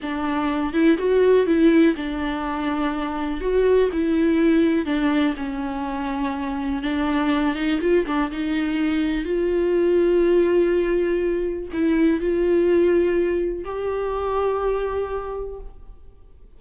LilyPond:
\new Staff \with { instrumentName = "viola" } { \time 4/4 \tempo 4 = 123 d'4. e'8 fis'4 e'4 | d'2. fis'4 | e'2 d'4 cis'4~ | cis'2 d'4. dis'8 |
f'8 d'8 dis'2 f'4~ | f'1 | e'4 f'2. | g'1 | }